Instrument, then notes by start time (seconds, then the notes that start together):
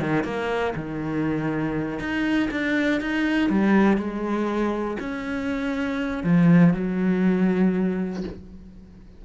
cello
0.00 D#3
0.24 A#3
0.76 D#3
1.99 D#4
2.51 D4
3.01 D#4
3.49 G3
3.97 G#3
4.99 C#4
6.24 F3
6.74 F#3